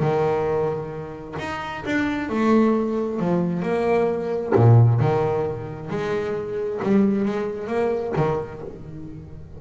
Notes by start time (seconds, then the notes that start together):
0.00 D#3
1.39 D#4
1.86 D4
2.29 A3
3.20 F3
3.63 A#3
4.55 A#2
5.00 D#3
5.90 G#3
6.82 G3
7.25 G#3
7.67 A#3
8.16 D#3